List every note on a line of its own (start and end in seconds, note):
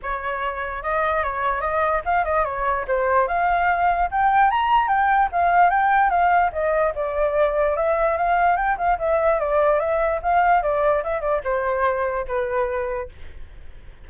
0.02 0.83 C#5
0.83 1.23 D#5
1.23 1.60 C#5
1.60 2.01 D#5
2.05 2.24 F5
2.24 2.44 D#5
2.44 2.85 C#5
2.87 3.27 C5
3.27 4.09 F5
4.11 4.50 G5
4.50 4.88 A#5
4.88 5.28 G5
5.32 5.70 F5
5.70 6.09 G5
6.09 6.50 F5
6.52 6.93 D#5
6.95 7.76 D5
7.76 8.17 E5
8.17 8.56 F5
8.56 8.76 G5
8.77 8.98 F5
8.98 9.39 E5
9.39 9.79 D5
9.79 10.20 E5
10.22 10.62 F5
10.62 11.03 D5
11.03 11.21 E5
11.21 11.41 D5
11.44 12.25 C5
12.27 13.09 B4